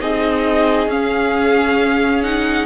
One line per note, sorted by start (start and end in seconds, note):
0.00 0.87 C4
0.00 0.90 D#4
0.00 2.66 G#4
0.00 0.90 D#5
0.87 2.66 C#4
0.87 2.24 C#4
0.87 2.23 F5
2.23 2.66 D#4
2.23 2.66 F#5